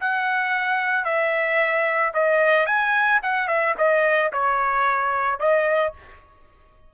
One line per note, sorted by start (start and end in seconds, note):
0.00 1.04 F#5
1.04 2.13 E5
2.14 2.66 D#5
2.66 3.20 G#5
3.22 3.47 F#5
3.47 3.74 E5
3.77 4.31 D#5
4.32 5.39 C#5
5.39 5.93 D#5